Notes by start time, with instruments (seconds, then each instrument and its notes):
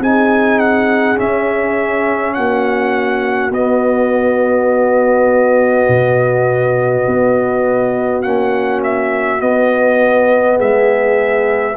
0.00 tuba C4, trombone D#4, horn G#4, trumpet G#5
0.60 trumpet F#5
1.17 trombone C#4, tuba C#4, trumpet E5
2.34 tuba A#3, horn F#4, trumpet F#5
3.51 tuba B3, trombone B3, trumpet D#5
5.89 tuba B2
7.08 tuba B3
8.23 tuba A#3, trombone C#4, trumpet F#5
8.84 trumpet E5
9.39 trombone B3, tuba B3, trumpet D#5
10.57 tuba G#3, horn G#4, trumpet E5